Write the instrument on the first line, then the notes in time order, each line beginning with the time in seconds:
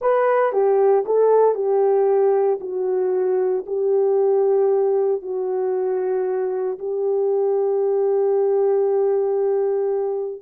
horn
0.01 B4
0.52 G4
1.05 A4
1.54 G4
2.60 F#4
3.66 G4
5.22 F#4
6.78 G4